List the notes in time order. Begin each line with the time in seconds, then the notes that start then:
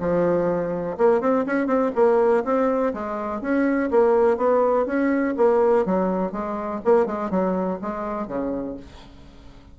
0.00 F3
0.98 A#3
1.21 C4
1.46 C#4
1.67 C4
1.95 A#3
2.45 C4
2.94 G#3
3.41 C#4
3.91 A#3
4.37 B3
4.86 C#4
5.37 A#3
5.86 F#3
6.32 G#3
6.85 A#3
7.06 G#3
7.31 F#3
7.82 G#3
8.28 C#3